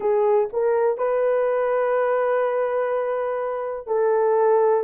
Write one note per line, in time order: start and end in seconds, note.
0.00 0.48 G#4
0.52 0.97 A#4
0.97 3.87 B4
3.87 4.83 A4